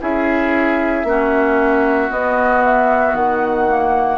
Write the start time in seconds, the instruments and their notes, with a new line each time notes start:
0.00 bassoon C#4, clarinet E4, oboe G#4, flute E5
1.03 bassoon A#3, clarinet C#4, oboe F#4
2.10 clarinet B3, bassoon B3, flute D#5
2.64 flute E5
3.14 bassoon D#3, flute F#5
3.68 clarinet A#3